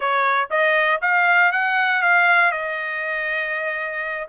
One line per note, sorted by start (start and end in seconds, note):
0.00 0.48 C#5
0.50 1.00 D#5
1.01 1.51 F5
1.51 2.02 F#5
2.02 2.51 F5
2.51 4.28 D#5